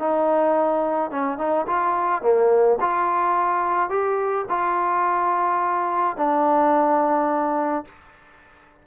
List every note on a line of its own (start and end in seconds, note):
0.00 1.11 D#4
1.11 1.38 C#4
1.38 1.66 D#4
1.67 2.23 F4
2.23 2.79 A#3
2.81 3.90 F4
3.90 4.46 G4
4.49 6.17 F4
6.17 7.85 D4